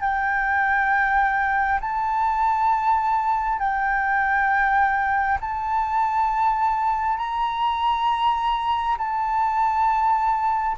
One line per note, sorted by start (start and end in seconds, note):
0.00 1.79 G5
1.80 3.59 A5
3.59 5.38 G5
5.40 7.17 A5
7.17 8.96 A#5
8.98 10.77 A5